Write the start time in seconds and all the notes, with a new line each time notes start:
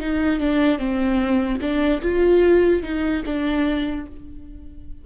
0.00 D#4
0.40 D4
0.79 C4
1.61 D4
2.02 F4
2.83 D#4
3.25 D4